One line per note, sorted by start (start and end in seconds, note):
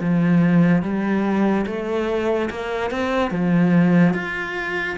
0.00 0.82 F3
0.82 1.65 G3
1.66 2.49 A3
2.50 2.91 A#3
2.91 3.31 C4
3.31 4.14 F3
4.14 4.97 F4